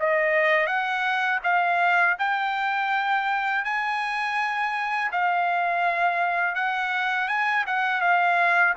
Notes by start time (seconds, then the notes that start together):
0.00 D#5
0.67 F#5
1.44 F5
2.19 G5
3.65 G#5
5.12 F5
6.56 F#5
7.28 G#5
7.67 F#5
8.02 F5